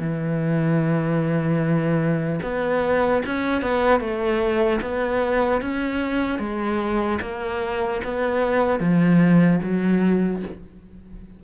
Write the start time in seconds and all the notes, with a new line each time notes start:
0.00 E3
2.43 B3
3.26 C#4
3.62 B3
4.01 A3
4.82 B3
5.62 C#4
6.40 G#3
7.22 A#3
8.04 B3
8.80 F3
9.63 F#3